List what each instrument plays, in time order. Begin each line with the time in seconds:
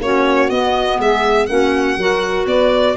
0.00 tuba A#3, clarinet C#4, saxophone F#4, violin C#5
0.50 clarinet B3, tuba B3, violin D#5
0.98 tuba G#3, saxophone G#4, violin E5
1.46 tuba A#3, clarinet C#4, saxophone F#4, violin F#5
1.97 tuba F#3, clarinet F#4, saxophone A#4
2.46 tuba B3, saxophone B4, violin D5